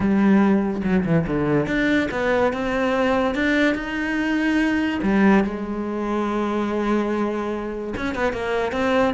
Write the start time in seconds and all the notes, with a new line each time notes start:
0.00 G3
0.83 F#3
1.05 E3
1.26 D3
1.66 D4
2.11 B3
2.52 C4
3.34 D4
3.74 D#4
5.02 G3
5.43 G#3
7.96 C#4
8.14 B3
8.32 A#3
8.72 C4